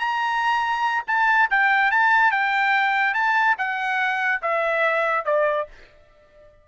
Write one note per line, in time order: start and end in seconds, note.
0.00 1.04 A#5
1.08 1.49 A5
1.51 1.91 G5
1.91 2.32 A5
2.32 3.14 G5
3.14 3.56 A5
3.58 4.42 F#5
4.42 5.26 E5
5.26 5.67 D5